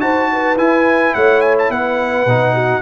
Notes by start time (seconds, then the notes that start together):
0.00 D#4 F#4 C5 A5
0.33 B4
0.57 E4 G#5
1.15 A3 C#5 F#5
1.41 G#5
1.59 A5
1.70 B3 B4 F#5
2.26 B2 D#4
2.54 F#4